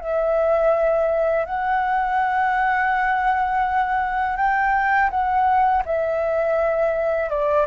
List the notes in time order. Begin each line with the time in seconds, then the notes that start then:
0.00 E5
1.45 F#5
4.36 G5
5.10 F#5
5.85 E5
7.30 D5